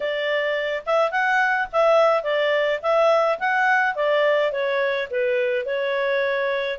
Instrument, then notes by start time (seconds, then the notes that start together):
clarinet
0.00 D5
0.85 E5
1.11 F#5
1.72 E5
2.23 D5
2.82 E5
3.39 F#5
3.95 D5
4.52 C#5
5.10 B4
5.65 C#5